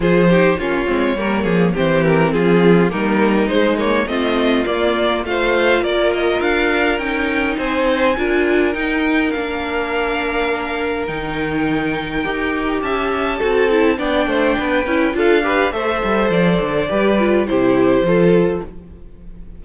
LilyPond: <<
  \new Staff \with { instrumentName = "violin" } { \time 4/4 \tempo 4 = 103 c''4 cis''2 c''8 ais'8 | gis'4 ais'4 c''8 cis''8 dis''4 | d''4 f''4 d''8 dis''8 f''4 | g''4 gis''2 g''4 |
f''2. g''4~ | g''2 a''2 | g''2 f''4 e''4 | d''2 c''2 | }
  \new Staff \with { instrumentName = "violin" } { \time 4/4 gis'8 g'8 f'4 ais'8 gis'8 g'4 | f'4 dis'2 f'4~ | f'4 c''4 ais'2~ | ais'4 c''4 ais'2~ |
ais'1~ | ais'2 e''4 a'4 | d''8 c''8 b'4 a'8 b'8 c''4~ | c''4 b'4 g'4 a'4 | }
  \new Staff \with { instrumentName = "viola" } { \time 4/4 f'8 dis'8 cis'8 c'8 ais4 c'4~ | c'4 ais4 gis8 ais8 c'4 | ais4 f'2. | dis'2 f'4 dis'4 |
d'2. dis'4~ | dis'4 g'2 fis'8 e'8 | d'4. e'8 f'8 g'8 a'4~ | a'4 g'8 f'8 e'4 f'4 | }
  \new Staff \with { instrumentName = "cello" } { \time 4/4 f4 ais8 gis8 g8 f8 e4 | f4 g4 gis4 a4 | ais4 a4 ais4 d'4 | cis'4 c'4 d'4 dis'4 |
ais2. dis4~ | dis4 dis'4 cis'4 c'4 | b8 a8 b8 cis'8 d'4 a8 g8 | f8 d8 g4 c4 f4 | }
>>